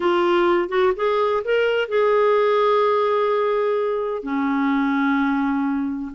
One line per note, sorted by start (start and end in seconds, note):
0.00 0.68 F4
0.68 0.92 F#4
0.96 1.43 G#4
1.44 1.88 A#4
1.88 4.23 G#4
4.23 6.12 C#4